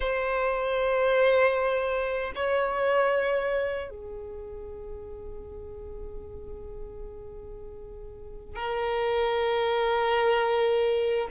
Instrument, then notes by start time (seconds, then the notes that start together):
violin
0.00 C5
2.35 C#5
3.90 G#4
8.55 A#4